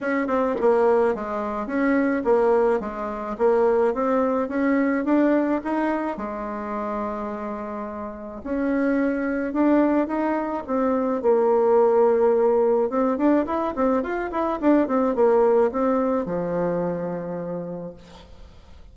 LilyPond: \new Staff \with { instrumentName = "bassoon" } { \time 4/4 \tempo 4 = 107 cis'8 c'8 ais4 gis4 cis'4 | ais4 gis4 ais4 c'4 | cis'4 d'4 dis'4 gis4~ | gis2. cis'4~ |
cis'4 d'4 dis'4 c'4 | ais2. c'8 d'8 | e'8 c'8 f'8 e'8 d'8 c'8 ais4 | c'4 f2. | }